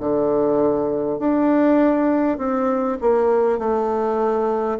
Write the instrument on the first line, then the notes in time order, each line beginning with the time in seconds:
bassoon
0.00 D3
1.19 D4
2.38 C4
3.01 A#3
3.58 A3